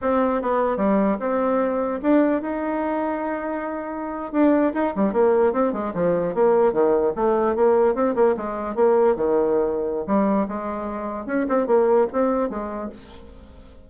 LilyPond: \new Staff \with { instrumentName = "bassoon" } { \time 4/4 \tempo 4 = 149 c'4 b4 g4 c'4~ | c'4 d'4 dis'2~ | dis'2~ dis'8. d'4 dis'16~ | dis'16 g8 ais4 c'8 gis8 f4 ais16~ |
ais8. dis4 a4 ais4 c'16~ | c'16 ais8 gis4 ais4 dis4~ dis16~ | dis4 g4 gis2 | cis'8 c'8 ais4 c'4 gis4 | }